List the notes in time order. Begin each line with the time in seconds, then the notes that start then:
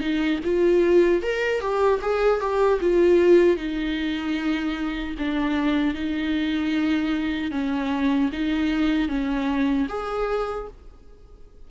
0.00 D#4
0.44 F4
1.22 A#4
1.60 G4
2.01 G#4
2.40 G4
2.80 F4
3.56 D#4
5.18 D4
5.94 D#4
7.51 C#4
8.32 D#4
9.08 C#4
9.88 G#4